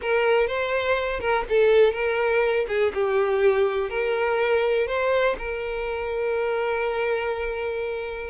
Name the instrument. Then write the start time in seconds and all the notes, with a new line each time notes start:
violin
0.01 A#4
0.47 C5
1.20 A#4
1.49 A4
1.92 A#4
2.68 G#4
2.94 G4
3.89 A#4
4.87 C5
5.38 A#4